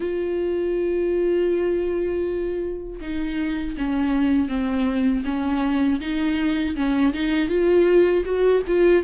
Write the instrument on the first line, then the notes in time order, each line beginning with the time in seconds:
viola
0.00 F4
3.00 D#4
3.77 C#4
4.48 C4
5.25 C#4
6.00 D#4
6.75 C#4
7.13 D#4
7.48 F4
8.25 F#4
8.67 F4